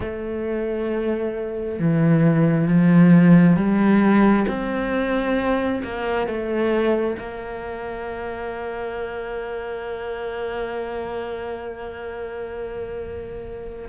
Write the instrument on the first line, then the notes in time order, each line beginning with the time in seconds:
cello
0.00 A3
1.79 E3
2.67 F3
3.56 G3
4.47 C4
5.84 A#3
6.27 A3
7.18 A#3